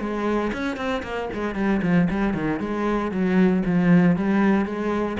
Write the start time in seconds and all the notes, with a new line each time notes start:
0.00 G#3
0.53 C#4
0.77 C4
1.03 A#3
1.34 G#3
1.55 G3
1.83 F3
2.10 G3
2.34 D#3
2.60 G#3
3.12 F#3
3.66 F3
4.17 G3
4.66 G#3